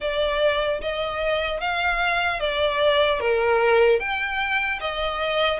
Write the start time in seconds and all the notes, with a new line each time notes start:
0.00 D5
0.81 D#5
1.60 F5
2.40 D5
3.20 A#4
3.99 G5
4.80 D#5